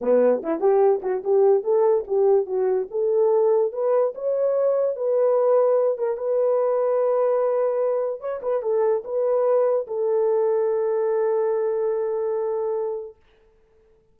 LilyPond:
\new Staff \with { instrumentName = "horn" } { \time 4/4 \tempo 4 = 146 b4 e'8 g'4 fis'8 g'4 | a'4 g'4 fis'4 a'4~ | a'4 b'4 cis''2 | b'2~ b'8 ais'8 b'4~ |
b'1 | cis''8 b'8 a'4 b'2 | a'1~ | a'1 | }